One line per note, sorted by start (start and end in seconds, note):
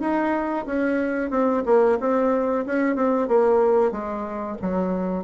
0.00 0.65 D#4
0.66 1.30 C#4
1.30 1.63 C4
1.65 1.98 A#3
2.00 2.65 C4
2.66 2.96 C#4
2.96 3.28 C4
3.28 3.92 A#3
3.92 4.57 G#3
4.61 5.24 F#3